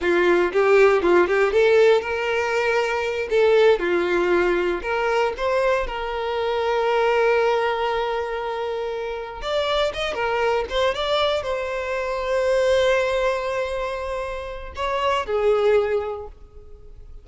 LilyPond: \new Staff \with { instrumentName = "violin" } { \time 4/4 \tempo 4 = 118 f'4 g'4 f'8 g'8 a'4 | ais'2~ ais'8 a'4 f'8~ | f'4. ais'4 c''4 ais'8~ | ais'1~ |
ais'2~ ais'8 d''4 dis''8 | ais'4 c''8 d''4 c''4.~ | c''1~ | c''4 cis''4 gis'2 | }